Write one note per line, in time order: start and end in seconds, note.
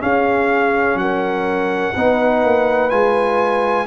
0.00 1.94 C#4
0.00 0.95 C#4
0.00 0.99 G#4
0.00 0.98 F5
0.95 1.92 F#3
0.95 1.95 A#4
0.95 2.90 F#5
1.95 2.44 B3
1.95 2.90 D#4
1.95 3.86 B4
2.44 2.91 A#3
2.90 3.86 G#3
2.90 3.86 F4
2.90 3.86 G#5